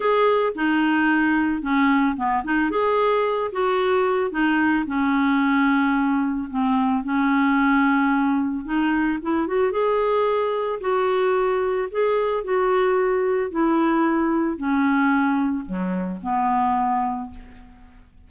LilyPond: \new Staff \with { instrumentName = "clarinet" } { \time 4/4 \tempo 4 = 111 gis'4 dis'2 cis'4 | b8 dis'8 gis'4. fis'4. | dis'4 cis'2. | c'4 cis'2. |
dis'4 e'8 fis'8 gis'2 | fis'2 gis'4 fis'4~ | fis'4 e'2 cis'4~ | cis'4 fis4 b2 | }